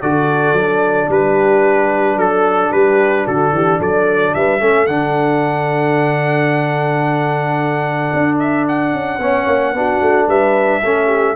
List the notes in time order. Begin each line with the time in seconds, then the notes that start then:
0.00 D3 F#4 A4 D5
0.52 F#3 D4
1.08 G3 G4 B4
2.16 F#3 A4
2.72 G3 G4 B4
3.25 D3 F#4 A4
3.52 E3 G4
3.79 F#3 A4 D5
4.34 G3 B4 E5
4.60 A3 C#4 A4
4.86 D3 D4 F#5
8.13 D4
8.39 E5
8.68 F#5
8.94 C#4
9.19 B3 C#4 C#5
9.47 A#3
9.73 B3 D4 F#4
10.01 A3
10.27 G3 B4 E5
10.84 A3 C#4 A4
11.07 G4